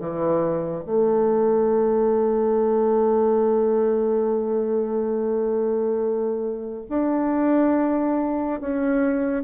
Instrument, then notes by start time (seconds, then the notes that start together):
bassoon
0.00 E3
0.86 A3
6.90 D4
8.61 C#4